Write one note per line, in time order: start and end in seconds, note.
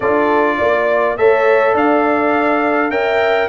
0.00 0.58 D4
0.00 1.17 F4
0.00 0.57 A4
0.00 1.17 D5
0.57 1.18 A#3
0.57 1.16 D5
1.17 1.74 A3
1.17 2.91 A4
1.17 1.74 C#5
1.17 1.75 E5
1.74 2.89 D4
1.74 2.90 D5
1.74 2.90 F5
2.89 3.47 C#4
2.89 3.48 A#4
2.89 3.48 E5
2.89 3.48 G5